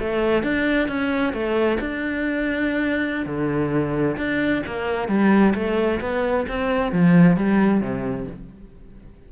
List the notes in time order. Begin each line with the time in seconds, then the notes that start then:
0.00 A3
0.43 D4
0.88 C#4
1.33 A3
1.81 D4
3.26 D3
4.17 D4
4.66 A#3
5.09 G3
5.55 A3
6.01 B3
6.49 C4
6.93 F3
7.37 G3
7.82 C3